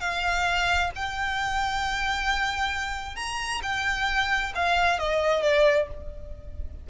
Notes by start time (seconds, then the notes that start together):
0.00 F5
0.95 G5
3.16 A#5
3.62 G5
4.55 F5
4.99 D#5
5.42 D5